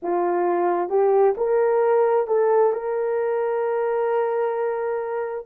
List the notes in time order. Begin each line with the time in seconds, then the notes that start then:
0.02 F4
0.88 G4
1.37 A#4
2.27 A4
2.73 A#4